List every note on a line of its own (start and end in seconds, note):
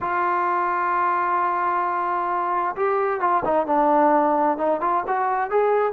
0.01 2.75 F4
2.75 3.20 G4
3.20 3.43 F4
3.44 3.66 D#4
3.66 4.57 D4
4.57 4.80 D#4
4.80 5.03 F4
5.07 5.50 F#4
5.50 5.92 G#4